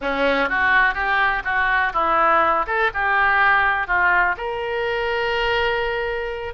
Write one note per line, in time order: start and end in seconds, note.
0.01 0.49 C#4
0.49 0.94 F#4
0.94 1.42 G4
1.44 1.92 F#4
1.93 2.65 E4
2.66 2.90 A4
2.94 3.87 G4
3.87 4.35 F4
4.37 6.54 A#4